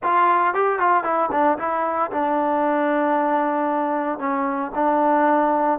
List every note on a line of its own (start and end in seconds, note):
0.03 0.54 F4
0.54 0.79 G4
0.79 1.03 F4
1.03 1.29 E4
1.31 1.57 D4
1.58 2.11 E4
2.11 4.18 D4
4.18 4.71 C#4
4.74 5.79 D4